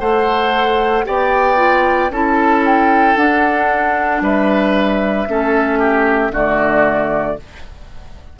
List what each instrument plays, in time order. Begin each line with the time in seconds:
0.00 bassoon A3, clarinet A4, oboe C5, flute F#5
1.05 bassoon B3, clarinet G4, oboe D5, flute G5
1.57 clarinet F4
2.11 bassoon C#4, clarinet E4, oboe A4, flute A5
2.66 flute G5
3.16 clarinet D4, bassoon D4, flute F#5
4.21 bassoon G3, oboe B4, flute E5
5.28 bassoon A3, clarinet C#4, oboe A4
5.79 oboe G4
6.30 bassoon D3, clarinet A3, oboe F#4, flute D5